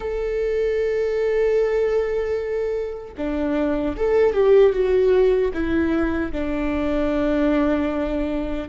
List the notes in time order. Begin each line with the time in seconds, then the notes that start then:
0.00 A4
3.17 D4
3.97 A4
4.33 G4
4.72 F#4
5.53 E4
6.32 D4